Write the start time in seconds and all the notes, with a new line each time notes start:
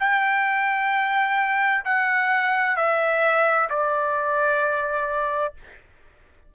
0.00 G5
1.85 F#5
2.77 E5
3.70 D5